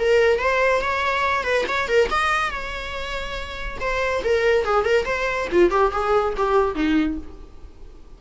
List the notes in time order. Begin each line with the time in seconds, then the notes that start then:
0.00 A#4
0.39 C5
0.81 C#5
1.44 B4
1.68 C#5
1.89 A#4
2.11 D#5
2.51 C#5
3.81 C5
4.24 A#4
4.65 G#4
4.85 A#4
5.06 C5
5.52 F4
5.71 G4
5.92 G#4
6.37 G4
6.76 D#4